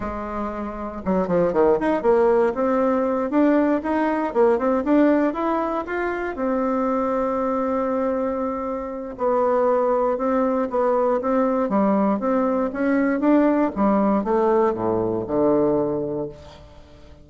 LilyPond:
\new Staff \with { instrumentName = "bassoon" } { \time 4/4 \tempo 4 = 118 gis2 fis8 f8 dis8 dis'8 | ais4 c'4. d'4 dis'8~ | dis'8 ais8 c'8 d'4 e'4 f'8~ | f'8 c'2.~ c'8~ |
c'2 b2 | c'4 b4 c'4 g4 | c'4 cis'4 d'4 g4 | a4 a,4 d2 | }